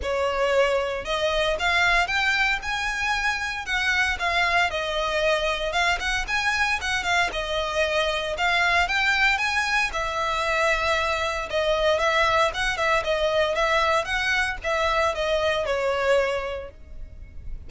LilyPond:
\new Staff \with { instrumentName = "violin" } { \time 4/4 \tempo 4 = 115 cis''2 dis''4 f''4 | g''4 gis''2 fis''4 | f''4 dis''2 f''8 fis''8 | gis''4 fis''8 f''8 dis''2 |
f''4 g''4 gis''4 e''4~ | e''2 dis''4 e''4 | fis''8 e''8 dis''4 e''4 fis''4 | e''4 dis''4 cis''2 | }